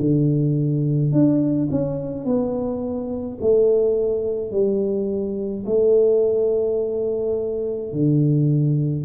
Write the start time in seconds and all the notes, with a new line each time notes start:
0.00 D3
1.12 D4
1.71 C#4
2.25 B3
3.41 A3
4.51 G3
5.66 A3
7.92 D3